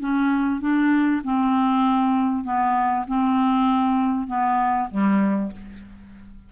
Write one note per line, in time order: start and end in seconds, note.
0.00 0.61 C#4
0.61 1.22 D4
1.24 2.45 C4
2.45 3.06 B3
3.08 4.28 C4
4.28 4.89 B3
4.91 5.52 G3